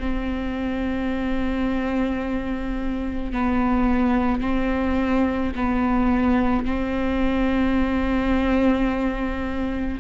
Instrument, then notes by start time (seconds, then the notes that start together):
viola
0.00 C4
3.33 B3
4.41 C4
5.56 B3
6.66 C4